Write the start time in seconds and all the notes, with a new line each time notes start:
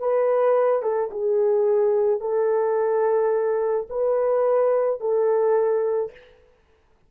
0.00 B4
0.83 A4
1.11 G#4
2.21 A4
3.90 B4
5.01 A4